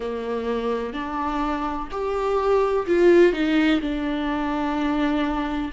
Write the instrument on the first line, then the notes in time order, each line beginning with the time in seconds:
viola
0.00 A#3
0.93 D4
1.91 G4
2.87 F4
3.32 D#4
3.81 D4